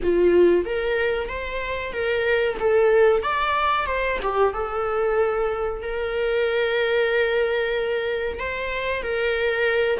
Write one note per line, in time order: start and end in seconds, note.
0.02 0.65 F4
0.65 1.28 A#4
1.28 1.92 C5
1.92 2.57 A#4
2.59 3.23 A4
3.23 3.86 D5
3.86 4.18 C5
4.22 4.53 G4
4.53 5.82 A4
5.82 8.39 A#4
8.39 9.02 C5
9.02 9.99 A#4